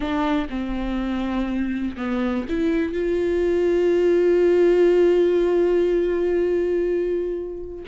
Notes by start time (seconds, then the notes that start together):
0.00 D4
0.49 C4
1.96 B3
2.48 E4
2.93 F4